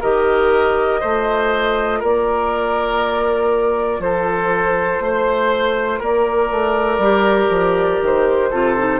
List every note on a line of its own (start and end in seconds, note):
0.00 1.02 D#3
0.00 1.01 G4
0.00 1.00 A#4
0.00 2.02 D#5
1.00 2.02 A3
1.00 7.01 F4
1.00 1.99 C5
1.99 3.99 A#3
1.99 3.99 A#4
1.99 4.01 D5
3.99 4.99 F3
3.99 5.03 A4
3.99 6.01 C5
5.00 6.00 A3
5.00 5.99 C5
5.99 6.50 A#3
5.99 8.49 A#4
5.99 8.03 D5
6.50 6.98 A3
6.98 7.48 G3
6.98 8.52 G4
7.49 7.99 F3
8.01 8.51 D#3
8.01 9.00 C5
8.50 9.00 C3
8.50 8.77 F4
8.50 9.00 A4
8.78 9.00 D#4